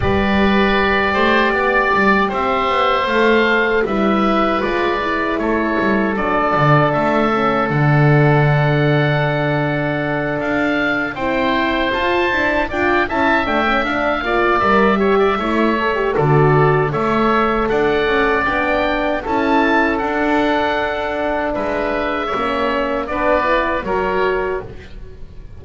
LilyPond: <<
  \new Staff \with { instrumentName = "oboe" } { \time 4/4 \tempo 4 = 78 d''2. e''4 | f''4 e''4 d''4 cis''4 | d''4 e''4 fis''2~ | fis''4. f''4 g''4 a''8~ |
a''8 g''8 a''8 g''8 f''4 e''4~ | e''4 d''4 e''4 fis''4 | g''4 a''4 fis''2 | e''2 d''4 cis''4 | }
  \new Staff \with { instrumentName = "oboe" } { \time 4/4 b'4. c''8 d''4 c''4~ | c''4 b'2 a'4~ | a'1~ | a'2~ a'8 c''4.~ |
c''8 d''8 e''4. d''4 cis''16 d''16 | cis''4 a'4 cis''4 d''4~ | d''4 a'2. | b'4 cis''4 b'4 ais'4 | }
  \new Staff \with { instrumentName = "horn" } { \time 4/4 g'1 | a'4 e'4 f'8 e'4. | d'4. cis'8 d'2~ | d'2~ d'8 e'4 f'8 |
d'8 f'8 e'8 d'16 cis'16 d'8 f'8 ais'8 g'8 | e'8 a'16 g'16 fis'4 a'2 | d'4 e'4 d'2~ | d'4 cis'4 d'8 e'8 fis'4 | }
  \new Staff \with { instrumentName = "double bass" } { \time 4/4 g4. a8 b8 g8 c'8 b8 | a4 g4 gis4 a8 g8 | fis8 d8 a4 d2~ | d4. d'4 c'4 f'8 |
e'8 d'8 cis'8 a8 d'8 ais8 g4 | a4 d4 a4 d'8 cis'8 | b4 cis'4 d'2 | gis4 ais4 b4 fis4 | }
>>